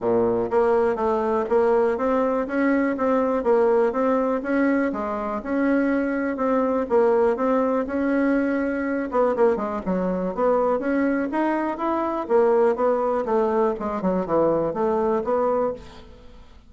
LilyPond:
\new Staff \with { instrumentName = "bassoon" } { \time 4/4 \tempo 4 = 122 ais,4 ais4 a4 ais4 | c'4 cis'4 c'4 ais4 | c'4 cis'4 gis4 cis'4~ | cis'4 c'4 ais4 c'4 |
cis'2~ cis'8 b8 ais8 gis8 | fis4 b4 cis'4 dis'4 | e'4 ais4 b4 a4 | gis8 fis8 e4 a4 b4 | }